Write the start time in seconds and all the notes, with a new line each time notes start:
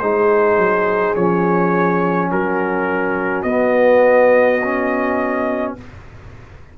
0.00 G#3 D#4 G#4 C5
0.58 F#3
1.16 F3 C#4 C#5
2.31 F#3 F#4 A#4
3.43 B3 D#5
4.63 C#4